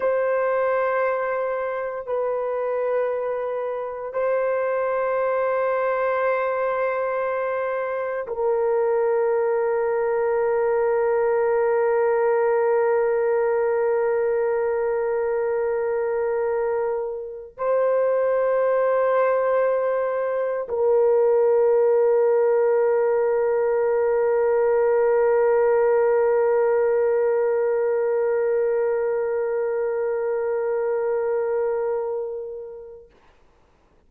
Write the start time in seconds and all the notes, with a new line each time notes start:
0.00 C5
2.06 B4
4.13 C5
8.27 A#4
17.57 C5
20.68 A#4